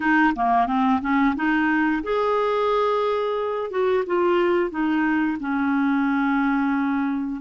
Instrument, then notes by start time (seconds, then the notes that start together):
clarinet
0.00 D#4
0.36 A#3
0.66 C4
1.01 C#4
1.35 D#4
2.03 G#4
3.70 F#4
4.06 F4
4.70 D#4
5.39 C#4